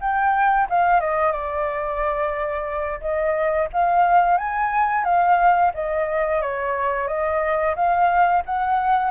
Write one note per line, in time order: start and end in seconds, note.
0.00 0.67 G5
0.70 1.00 F5
1.00 1.32 D#5
1.32 3.00 D5
3.01 3.68 D#5
3.73 4.37 F5
4.37 5.04 G#5
5.04 5.72 F5
5.74 6.41 D#5
6.41 7.07 C#5
7.07 7.75 D#5
7.75 8.43 F5
8.45 9.10 F#5